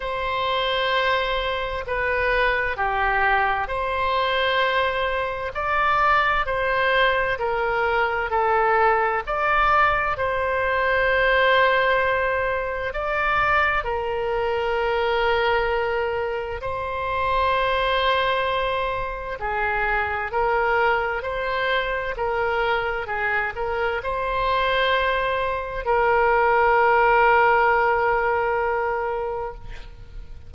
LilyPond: \new Staff \with { instrumentName = "oboe" } { \time 4/4 \tempo 4 = 65 c''2 b'4 g'4 | c''2 d''4 c''4 | ais'4 a'4 d''4 c''4~ | c''2 d''4 ais'4~ |
ais'2 c''2~ | c''4 gis'4 ais'4 c''4 | ais'4 gis'8 ais'8 c''2 | ais'1 | }